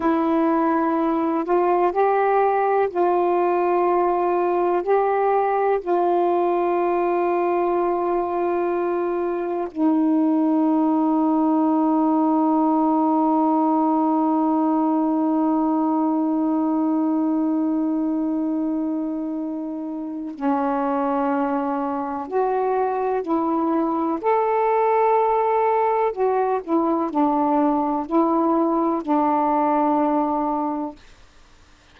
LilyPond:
\new Staff \with { instrumentName = "saxophone" } { \time 4/4 \tempo 4 = 62 e'4. f'8 g'4 f'4~ | f'4 g'4 f'2~ | f'2 dis'2~ | dis'1~ |
dis'1~ | dis'4 cis'2 fis'4 | e'4 a'2 fis'8 e'8 | d'4 e'4 d'2 | }